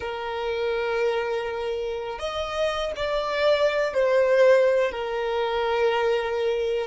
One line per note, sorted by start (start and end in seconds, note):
0.00 2.18 A#4
2.18 2.92 D#5
2.96 3.93 D5
3.93 4.91 C5
4.91 6.87 A#4